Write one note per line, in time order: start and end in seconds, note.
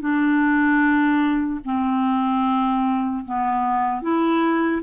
0.00 1.60 D4
1.64 3.24 C4
3.25 4.02 B3
4.02 4.82 E4